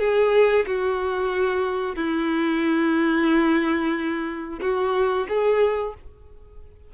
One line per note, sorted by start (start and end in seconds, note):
0.00 0.66 G#4
0.67 1.96 F#4
1.96 4.60 E4
4.61 5.27 F#4
5.29 5.95 G#4